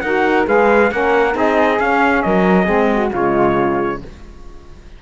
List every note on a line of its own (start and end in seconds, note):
0.00 0.47 D#4
0.00 0.46 F#4
0.00 0.47 A#4
0.00 0.44 F#5
0.46 0.91 G#3
0.46 0.90 G#4
0.46 0.92 B4
0.46 0.91 F5
0.90 1.35 A#3
0.90 1.33 C#4
0.90 1.36 A#4
0.90 1.36 F#5
1.33 1.79 C4
1.33 1.77 D#4
1.33 2.24 G#4
1.33 1.80 D#5
1.79 2.65 C#4
1.79 2.24 C#4
1.79 2.22 F5
2.22 2.68 F#3
2.22 2.64 A#4
2.22 3.10 D#5
2.64 3.12 G#3
2.64 3.09 C4
2.64 2.86 G#4
2.93 3.12 F#4
3.12 4.02 C#3
3.12 4.01 G#3
3.12 4.01 F4
3.12 4.02 C#5